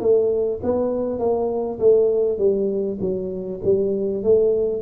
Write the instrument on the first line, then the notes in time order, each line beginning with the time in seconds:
tuba
0.00 A3
0.63 B3
1.19 A#3
1.79 A3
2.38 G3
3.00 F#3
3.64 G3
4.23 A3